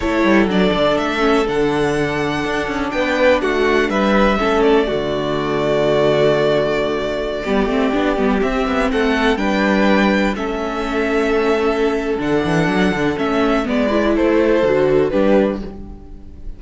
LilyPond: <<
  \new Staff \with { instrumentName = "violin" } { \time 4/4 \tempo 4 = 123 cis''4 d''4 e''4 fis''4~ | fis''2 g''4 fis''4 | e''4. d''2~ d''8~ | d''1~ |
d''4~ d''16 e''4 fis''4 g''8.~ | g''4~ g''16 e''2~ e''8.~ | e''4 fis''2 e''4 | d''4 c''2 b'4 | }
  \new Staff \with { instrumentName = "violin" } { \time 4/4 a'1~ | a'2 b'4 fis'4 | b'4 a'4 fis'2~ | fis'2.~ fis'16 g'8.~ |
g'2~ g'16 a'4 b'8.~ | b'4~ b'16 a'2~ a'8.~ | a'1 | b'4 a'2 g'4 | }
  \new Staff \with { instrumentName = "viola" } { \time 4/4 e'4 d'4. cis'8 d'4~ | d'1~ | d'4 cis'4 a2~ | a2.~ a16 b8 c'16~ |
c'16 d'8 b8 c'2 d'8.~ | d'4~ d'16 cis'2~ cis'8.~ | cis'4 d'2 cis'4 | b8 e'4. fis'4 d'4 | }
  \new Staff \with { instrumentName = "cello" } { \time 4/4 a8 g8 fis8 d8 a4 d4~ | d4 d'8 cis'8 b4 a4 | g4 a4 d2~ | d2.~ d16 g8 a16~ |
a16 b8 g8 c'8 b8 a4 g8.~ | g4~ g16 a2~ a8.~ | a4 d8 e8 fis8 d8 a4 | gis4 a4 d4 g4 | }
>>